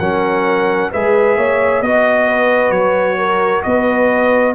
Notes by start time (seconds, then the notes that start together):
0.00 F#3 C#4 A#4 F#5
0.92 G#3 G#4 B4 E5
1.37 A#3 C#5
1.82 B3 F#4 D#5
2.29 B4
2.71 F#3 C#5
3.19 A#4
3.63 B3 B4 D#5